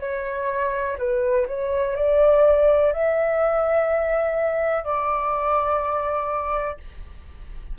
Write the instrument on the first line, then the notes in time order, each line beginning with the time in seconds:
flute
0.00 C#5
0.98 B4
1.47 C#5
1.96 D5
2.93 E5
4.84 D5